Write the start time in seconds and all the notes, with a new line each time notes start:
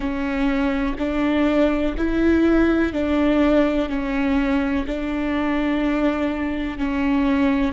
0.00 C#4
0.98 D4
1.98 E4
2.93 D4
3.89 C#4
4.87 D4
6.77 C#4